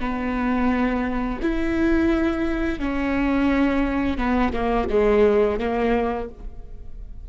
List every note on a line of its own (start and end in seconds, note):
0.00 1.40 B3
1.42 2.79 E4
2.79 4.18 C#4
4.18 4.53 B3
4.53 4.87 A#3
4.89 5.59 G#3
5.59 6.29 A#3